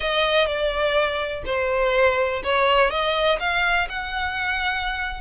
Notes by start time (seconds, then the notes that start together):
0.00 D#5
0.46 D5
1.45 C5
2.43 C#5
2.90 D#5
3.39 F5
3.89 F#5